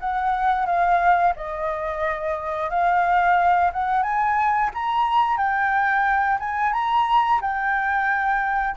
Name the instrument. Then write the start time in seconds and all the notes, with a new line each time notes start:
flute
0.00 F#5
0.66 F5
1.36 D#5
2.70 F5
3.73 F#5
4.03 G#5
4.74 A#5
5.37 G5
6.40 G#5
6.73 A#5
7.41 G5